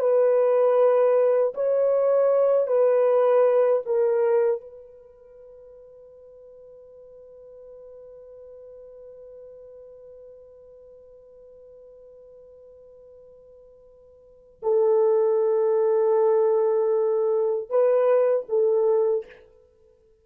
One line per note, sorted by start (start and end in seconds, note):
0.00 1.54 B4
1.55 2.67 C#5
2.67 3.83 B4
3.86 4.61 A#4
4.61 14.61 B4
14.63 17.70 A4
17.70 18.47 B4
18.49 19.26 A4